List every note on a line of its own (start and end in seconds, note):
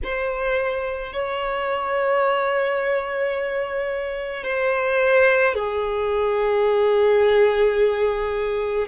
0.03 1.13 C5
1.13 4.43 C#5
4.43 5.54 C5
5.54 8.87 G#4